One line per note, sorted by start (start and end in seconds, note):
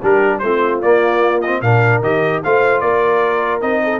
0.00 0.42 G3
0.00 0.42 D4
0.00 0.40 G4
0.00 0.38 A#4
0.38 0.82 A3
0.38 0.82 C4
0.38 1.62 F4
0.38 0.78 C5
0.82 1.61 A#3
0.82 1.42 A#3
0.82 1.41 D5
1.41 1.63 C4
1.41 1.61 D#5
1.61 2.01 A#2
1.61 2.03 D4
1.61 2.42 A#4
1.61 2.01 F5
2.01 2.41 D#3
2.01 2.43 G4
2.01 2.42 D#5
2.43 2.81 A3
2.43 3.61 F4
2.43 2.82 C5
2.43 2.80 F5
2.80 3.61 A#3
2.80 3.82 A#4
2.80 3.60 D5
3.61 3.99 C4
3.61 3.99 D#4
3.61 3.99 D#5
3.83 3.99 A4